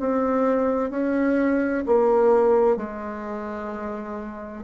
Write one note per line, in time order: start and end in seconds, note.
0.00 0.90 C4
0.90 1.84 C#4
1.86 2.77 A#3
2.77 4.64 G#3